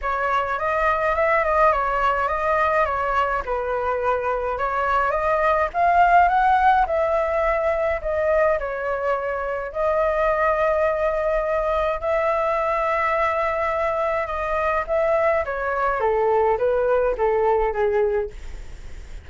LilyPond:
\new Staff \with { instrumentName = "flute" } { \time 4/4 \tempo 4 = 105 cis''4 dis''4 e''8 dis''8 cis''4 | dis''4 cis''4 b'2 | cis''4 dis''4 f''4 fis''4 | e''2 dis''4 cis''4~ |
cis''4 dis''2.~ | dis''4 e''2.~ | e''4 dis''4 e''4 cis''4 | a'4 b'4 a'4 gis'4 | }